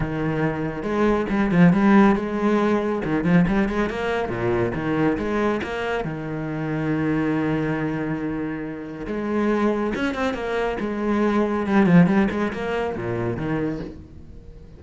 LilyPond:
\new Staff \with { instrumentName = "cello" } { \time 4/4 \tempo 4 = 139 dis2 gis4 g8 f8 | g4 gis2 dis8 f8 | g8 gis8 ais4 ais,4 dis4 | gis4 ais4 dis2~ |
dis1~ | dis4 gis2 cis'8 c'8 | ais4 gis2 g8 f8 | g8 gis8 ais4 ais,4 dis4 | }